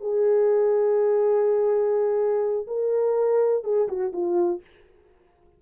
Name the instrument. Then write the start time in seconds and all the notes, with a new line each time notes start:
horn
0.00 G#4
2.67 A#4
3.63 G#4
3.88 F#4
4.12 F4